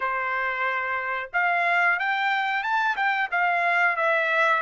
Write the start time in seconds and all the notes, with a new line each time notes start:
0.00 C5
1.33 F5
1.99 G5
2.63 A5
2.96 G5
3.31 F5
3.96 E5